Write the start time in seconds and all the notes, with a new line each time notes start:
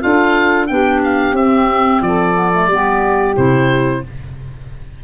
0.00 D4 F4 A4 F5
0.66 B3 D4 G4 G5
1.03 F5
1.32 C4 E5
2.01 F3 A4 D5
2.34 B3
2.52 A3
2.67 G3 B3 G4
3.35 C3 E4 C5